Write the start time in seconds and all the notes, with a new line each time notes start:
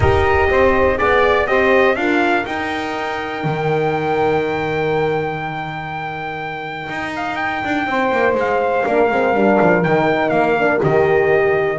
0.00 D#4 G4 A#4 D#5
0.50 C4 C5
0.97 B3 G#4 D5
1.47 C4 G4 C5 D#5
1.95 D4 F4 A#4 F5
2.45 D#4 G5
3.44 D#3
6.89 D#4
7.15 F5
7.35 G5
7.64 D4
7.86 C4 C5
8.11 A#3
8.34 G#3 F5
8.85 A#3 D4 A#4
9.10 G#3 C4
9.34 G3 D4
9.61 F3
9.83 D#3 D#4 G5
10.29 A#3 F5
10.59 D4
10.79 D#3 G4 D#5